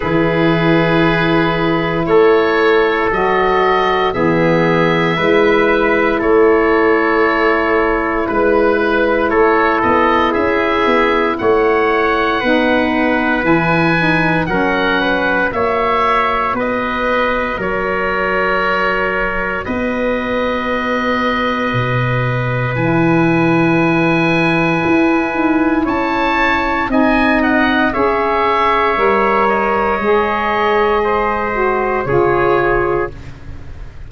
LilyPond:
<<
  \new Staff \with { instrumentName = "oboe" } { \time 4/4 \tempo 4 = 58 b'2 cis''4 dis''4 | e''2 cis''2 | b'4 cis''8 dis''8 e''4 fis''4~ | fis''4 gis''4 fis''4 e''4 |
dis''4 cis''2 dis''4~ | dis''2 gis''2~ | gis''4 a''4 gis''8 fis''8 e''4~ | e''8 dis''2~ dis''8 cis''4 | }
  \new Staff \with { instrumentName = "trumpet" } { \time 4/4 gis'2 a'2 | gis'4 b'4 a'2 | b'4 a'4 gis'4 cis''4 | b'2 ais'8 b'8 cis''4 |
b'4 ais'2 b'4~ | b'1~ | b'4 cis''4 dis''4 cis''4~ | cis''2 c''4 gis'4 | }
  \new Staff \with { instrumentName = "saxophone" } { \time 4/4 e'2. fis'4 | b4 e'2.~ | e'1 | dis'4 e'8 dis'8 cis'4 fis'4~ |
fis'1~ | fis'2 e'2~ | e'2 dis'4 gis'4 | ais'4 gis'4. fis'8 f'4 | }
  \new Staff \with { instrumentName = "tuba" } { \time 4/4 e2 a4 fis4 | e4 gis4 a2 | gis4 a8 b8 cis'8 b8 a4 | b4 e4 fis4 ais4 |
b4 fis2 b4~ | b4 b,4 e2 | e'8 dis'8 cis'4 c'4 cis'4 | g4 gis2 cis4 | }
>>